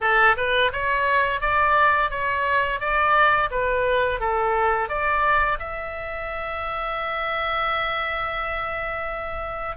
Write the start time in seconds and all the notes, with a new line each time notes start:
0.01 A4
0.36 B4
0.72 C#5
1.40 D5
2.10 C#5
2.79 D5
3.50 B4
4.20 A4
4.88 D5
5.59 E5